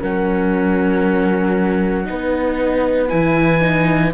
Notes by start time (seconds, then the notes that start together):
0.00 F#3 C#4 A#4 F#5
2.04 B3 D#4 B4
3.08 E3 E4 G#5
3.60 D#4